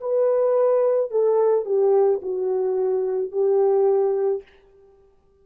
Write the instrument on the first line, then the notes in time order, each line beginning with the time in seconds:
horn
0.00 B4
1.11 A4
1.65 G4
2.22 F#4
3.32 G4